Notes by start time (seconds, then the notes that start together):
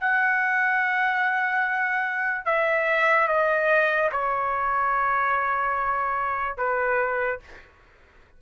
0.00 F#5
2.45 E5
3.28 D#5
4.12 C#5
6.57 B4